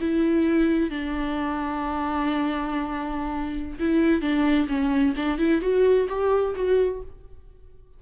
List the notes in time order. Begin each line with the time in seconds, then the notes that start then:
0.00 E4
0.90 D4
3.79 E4
4.21 D4
4.68 C#4
5.16 D4
5.38 E4
5.61 F#4
6.08 G4
6.55 F#4